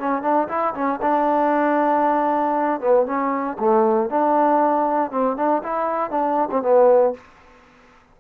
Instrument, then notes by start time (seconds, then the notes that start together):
trombone
0.00 C#4
0.23 D4
0.49 E4
0.74 C#4
1.02 D4
2.81 B3
3.07 C#4
3.59 A3
4.10 D4
5.11 C4
5.37 D4
5.63 E4
6.11 D4
6.52 C4
6.63 B3